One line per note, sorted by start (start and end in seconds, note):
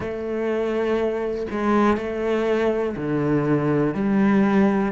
0.00 1.47 A3
1.50 1.97 G#3
1.97 2.95 A3
2.96 3.94 D3
3.94 4.92 G3